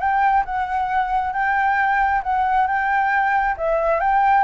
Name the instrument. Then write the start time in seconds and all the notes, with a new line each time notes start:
flute
0.00 G5
0.45 F#5
1.33 G5
2.23 F#5
2.67 G5
3.58 E5
4.01 G5